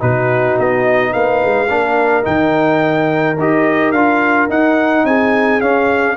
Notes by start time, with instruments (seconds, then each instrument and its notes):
0.00 tuba B2, trombone D#4, horn F#4, trumpet B4
0.59 tuba B3, trumpet D#5
1.12 tuba A#3, horn B4, trumpet F5
1.43 tuba G#3
1.68 tuba A#3, trombone D4, horn A#4
2.23 tuba D#3, trombone D#4, trumpet G5
3.38 tuba D#4, trombone G4, trumpet D#5
3.92 tuba D4, trombone F4, trumpet F5
4.49 tuba D#4, trombone D#4, trumpet F#5
5.04 tuba C4, horn G#4, trumpet G#5
5.61 trombone C#4, tuba C#4, trumpet F5